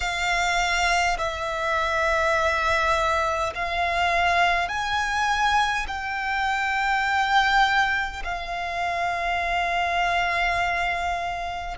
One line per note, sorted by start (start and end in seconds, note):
0.00 1.17 F5
1.18 3.53 E5
3.55 4.68 F5
4.68 5.86 G#5
5.87 8.22 G5
8.24 11.76 F5